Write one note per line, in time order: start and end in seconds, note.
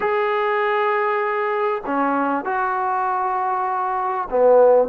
0.00 1.81 G#4
1.86 2.45 C#4
2.45 4.28 F#4
4.30 4.88 B3